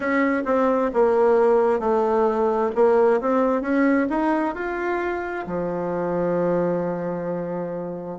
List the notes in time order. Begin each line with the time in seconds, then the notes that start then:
0.00 C#4
0.45 C4
0.93 A#3
1.79 A3
2.75 A#3
3.21 C4
3.61 C#4
4.09 D#4
4.55 F4
5.46 F3